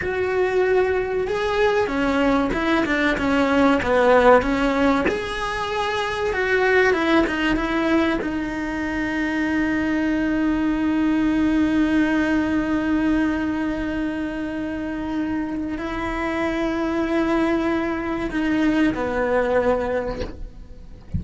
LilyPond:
\new Staff \with { instrumentName = "cello" } { \time 4/4 \tempo 4 = 95 fis'2 gis'4 cis'4 | e'8 d'8 cis'4 b4 cis'4 | gis'2 fis'4 e'8 dis'8 | e'4 dis'2.~ |
dis'1~ | dis'1~ | dis'4 e'2.~ | e'4 dis'4 b2 | }